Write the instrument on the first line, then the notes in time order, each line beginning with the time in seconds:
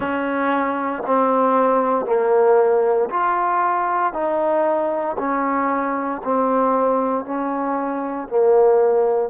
trombone
0.00 C#4
1.06 C4
2.05 A#3
3.09 F4
4.13 D#4
5.18 C#4
6.24 C4
7.24 C#4
8.28 A#3